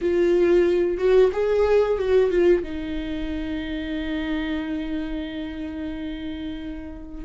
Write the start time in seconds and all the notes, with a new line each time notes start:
0.01 F4
0.97 F#4
1.32 G#4
1.98 F#4
2.30 F4
2.63 D#4